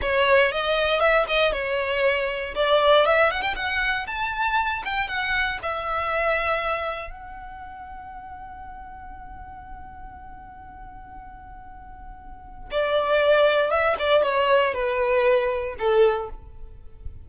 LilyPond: \new Staff \with { instrumentName = "violin" } { \time 4/4 \tempo 4 = 118 cis''4 dis''4 e''8 dis''8 cis''4~ | cis''4 d''4 e''8 fis''16 g''16 fis''4 | a''4. g''8 fis''4 e''4~ | e''2 fis''2~ |
fis''1~ | fis''1~ | fis''4 d''2 e''8 d''8 | cis''4 b'2 a'4 | }